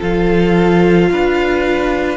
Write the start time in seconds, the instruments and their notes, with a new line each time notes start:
0.00 cello F3, viola F4, violin A4 F5
1.11 cello D4, violin B4